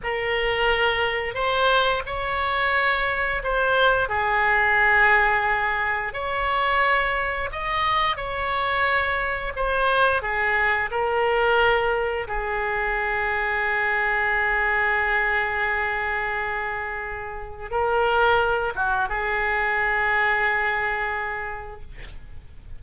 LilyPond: \new Staff \with { instrumentName = "oboe" } { \time 4/4 \tempo 4 = 88 ais'2 c''4 cis''4~ | cis''4 c''4 gis'2~ | gis'4 cis''2 dis''4 | cis''2 c''4 gis'4 |
ais'2 gis'2~ | gis'1~ | gis'2 ais'4. fis'8 | gis'1 | }